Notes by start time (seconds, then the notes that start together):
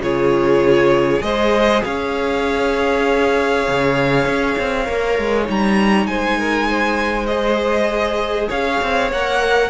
0.00 C#3 F4 G#4 C#5
1.20 G#3 G#4 C5 D#5
1.84 C#4 C#5 F5
3.68 C#3
4.26 C#4
4.58 C4
4.86 A#3 A#4
5.19 G#3
5.44 G3 D#4
5.51 A#5
6.06 G#3 C5 G#5
6.39 A#4
6.69 C5
7.26 G#4 D#5
8.49 C#4 C#5 F5
8.82 C4
9.12 A#3 A#4 F#5